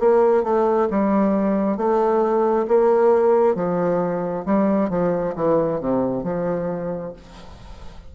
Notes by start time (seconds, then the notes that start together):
0.00 A#3
0.44 A3
0.91 G3
1.77 A3
2.68 A#3
3.56 F3
4.46 G3
4.90 F3
5.36 E3
5.81 C3
6.24 F3